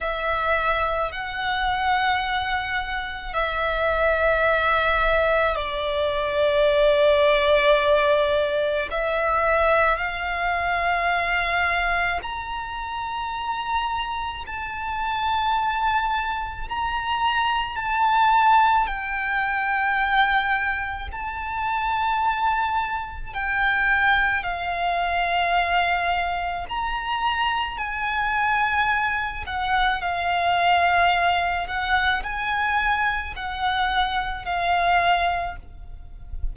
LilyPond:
\new Staff \with { instrumentName = "violin" } { \time 4/4 \tempo 4 = 54 e''4 fis''2 e''4~ | e''4 d''2. | e''4 f''2 ais''4~ | ais''4 a''2 ais''4 |
a''4 g''2 a''4~ | a''4 g''4 f''2 | ais''4 gis''4. fis''8 f''4~ | f''8 fis''8 gis''4 fis''4 f''4 | }